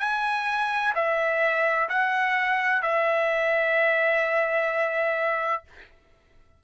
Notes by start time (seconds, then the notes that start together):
0.00 G#5
0.95 E5
1.89 F#5
2.83 E5